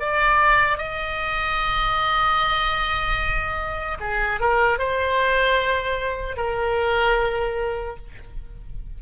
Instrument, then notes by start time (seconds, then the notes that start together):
oboe
0.00 D5
0.78 D#5
4.00 G#4
4.40 A#4
4.79 C5
6.37 A#4